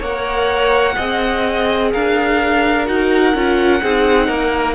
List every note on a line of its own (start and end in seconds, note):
0.00 0.96 A#3
0.00 0.97 A#4
0.00 0.95 C#5
0.00 1.93 F#5
0.96 1.94 C4
0.96 2.87 G#4
0.96 1.91 D#5
1.92 2.88 D4
1.92 3.83 A#4
1.92 2.87 F5
2.87 3.34 D#4
2.87 3.34 F#4
2.87 4.76 F#5
3.34 3.82 C#4
3.34 3.83 F4
3.83 4.29 C4
3.83 4.76 D#4
3.83 4.27 G#4
4.27 4.76 A#3
4.27 4.75 A#4